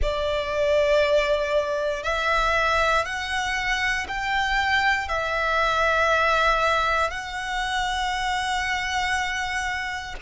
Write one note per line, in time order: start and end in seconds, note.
0.02 2.03 D5
2.03 3.05 E5
3.05 4.06 F#5
4.07 5.08 G5
5.08 7.10 E5
7.10 10.15 F#5